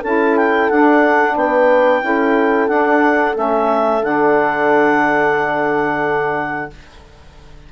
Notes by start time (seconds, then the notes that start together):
0.00 C#4 E4 A4 A5
0.37 G5
0.69 D4 F#5
1.36 B3 B4 G5
2.02 C#4 E4 A4
2.68 D4 F#5
3.35 A3 C#4 E5
4.03 D3 D4 F#5